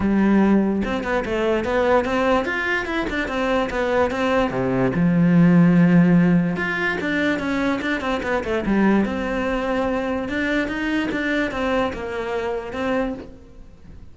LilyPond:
\new Staff \with { instrumentName = "cello" } { \time 4/4 \tempo 4 = 146 g2 c'8 b8 a4 | b4 c'4 f'4 e'8 d'8 | c'4 b4 c'4 c4 | f1 |
f'4 d'4 cis'4 d'8 c'8 | b8 a8 g4 c'2~ | c'4 d'4 dis'4 d'4 | c'4 ais2 c'4 | }